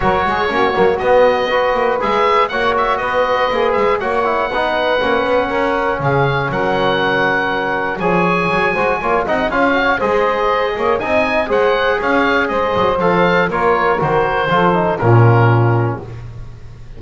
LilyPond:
<<
  \new Staff \with { instrumentName = "oboe" } { \time 4/4 \tempo 4 = 120 cis''2 dis''2 | e''4 fis''8 e''8 dis''4. e''8 | fis''1 | f''4 fis''2. |
gis''2~ gis''8 fis''8 f''4 | dis''2 gis''4 fis''4 | f''4 dis''4 f''4 cis''4 | c''2 ais'2 | }
  \new Staff \with { instrumentName = "saxophone" } { \time 4/4 ais'8 gis'8 fis'2 b'4~ | b'4 cis''4 b'2 | cis''4 b'2 ais'4 | gis'4 ais'2. |
cis''4. c''8 cis''8 dis''8 cis''4 | c''4. cis''8 dis''4 c''4 | cis''4 c''2 ais'4~ | ais'4 a'4 f'2 | }
  \new Staff \with { instrumentName = "trombone" } { \time 4/4 fis'4 cis'8 ais8 b4 fis'4 | gis'4 fis'2 gis'4 | fis'8 e'8 dis'4 cis'2~ | cis'1 |
gis'4. fis'8 f'8 dis'8 f'8 fis'8 | gis'2 dis'4 gis'4~ | gis'2 a'4 f'4 | fis'4 f'8 dis'8 cis'2 | }
  \new Staff \with { instrumentName = "double bass" } { \time 4/4 fis8 gis8 ais8 fis8 b4. ais8 | gis4 ais4 b4 ais8 gis8 | ais4 b4 ais8 b8 cis'4 | cis4 fis2. |
f4 fis8 gis8 ais8 c'8 cis'4 | gis4. ais8 c'4 gis4 | cis'4 gis8 fis8 f4 ais4 | dis4 f4 ais,2 | }
>>